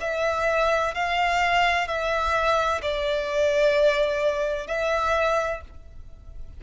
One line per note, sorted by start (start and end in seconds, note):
0.00 0.94 E5
0.94 1.87 F5
1.87 2.81 E5
2.82 4.67 D5
4.67 5.61 E5